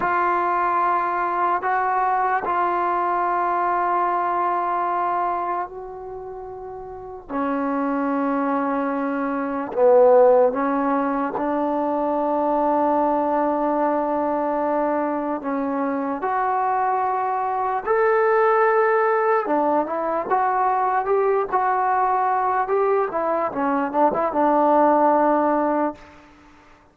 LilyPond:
\new Staff \with { instrumentName = "trombone" } { \time 4/4 \tempo 4 = 74 f'2 fis'4 f'4~ | f'2. fis'4~ | fis'4 cis'2. | b4 cis'4 d'2~ |
d'2. cis'4 | fis'2 a'2 | d'8 e'8 fis'4 g'8 fis'4. | g'8 e'8 cis'8 d'16 e'16 d'2 | }